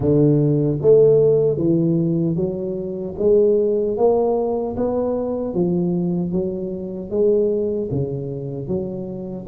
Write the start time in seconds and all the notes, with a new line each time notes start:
0.00 D3
0.81 A3
1.57 E3
2.35 F#3
3.18 G#3
3.97 A#3
4.76 B3
5.53 F3
6.32 F#3
7.10 G#3
7.91 C#3
8.67 F#3